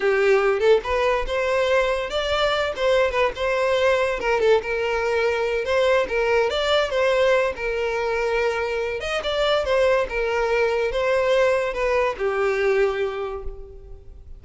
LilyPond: \new Staff \with { instrumentName = "violin" } { \time 4/4 \tempo 4 = 143 g'4. a'8 b'4 c''4~ | c''4 d''4. c''4 b'8 | c''2 ais'8 a'8 ais'4~ | ais'4. c''4 ais'4 d''8~ |
d''8 c''4. ais'2~ | ais'4. dis''8 d''4 c''4 | ais'2 c''2 | b'4 g'2. | }